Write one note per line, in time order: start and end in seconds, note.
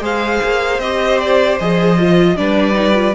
0.00 0.39 G#3
0.00 0.79 G#4
0.00 2.35 C5
0.00 0.80 F5
0.43 0.78 A#3
0.78 1.56 C4
0.78 1.60 G4
0.78 1.19 D#5
1.19 1.58 D5
1.58 2.38 F3
1.58 1.98 G#4
1.58 2.36 D#5
1.98 2.36 F4
2.36 3.14 G3
2.36 2.73 D4
2.36 3.14 B4
2.36 3.14 D5
2.73 2.92 D#4
2.93 3.13 F4